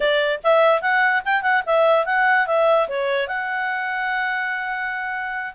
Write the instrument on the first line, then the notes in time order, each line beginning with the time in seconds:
clarinet
0.00 D5
0.43 E5
0.81 F#5
1.24 G5
1.42 F#5
1.66 E5
2.05 F#5
2.47 E5
2.88 C#5
3.27 F#5